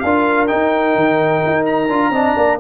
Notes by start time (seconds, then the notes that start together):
0.00 D4 A#4 F5
0.06 F4
0.48 D#4 G5
0.96 D#3
1.46 D#4
1.66 A#5
1.89 D4 F4
2.10 C4 D4 D#5
2.36 A#3 D5